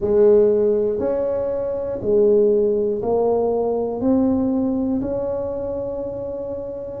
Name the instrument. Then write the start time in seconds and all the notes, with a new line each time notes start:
tuba
0.00 G#3
0.99 C#4
2.01 G#3
3.02 A#3
4.00 C4
5.00 C#4